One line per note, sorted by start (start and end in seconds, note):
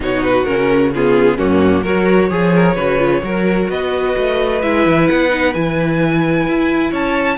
0.00 0.44 B2
0.00 0.45 D#4
0.00 0.93 F#4
0.00 0.23 C#5
0.23 0.45 B4
0.45 1.39 C#3
0.45 0.93 C#4
0.45 0.91 A#4
0.93 1.38 B3
0.93 1.37 F4
0.93 1.38 G#4
1.37 1.84 F#2
1.37 1.84 A#3
1.37 1.81 C#4
1.37 1.84 F#4
1.81 2.30 F#3
1.81 2.30 F#4
1.81 2.28 A#4
1.81 3.70 C#5
2.30 2.76 F3
2.30 2.76 G#4
2.30 2.54 G#4
2.55 2.75 A#4
2.75 3.22 C#3
2.75 2.98 F#4
2.75 3.21 B4
2.98 3.21 F4
3.22 3.68 F#3
3.22 4.61 F#4
3.22 3.70 A#4
3.69 4.15 B3
3.69 6.90 B4
3.69 4.62 D#5
4.17 4.63 A3
4.62 4.86 G#3
4.62 5.30 E4
4.62 5.07 E5
4.86 5.09 E3
5.07 5.54 B3
5.07 5.53 F#5
5.30 5.53 D#4
5.53 6.47 E3
5.53 7.37 E4
5.53 6.92 G#5
6.47 6.92 E4
6.90 7.37 C#4
6.90 7.36 C#5
6.90 7.37 A5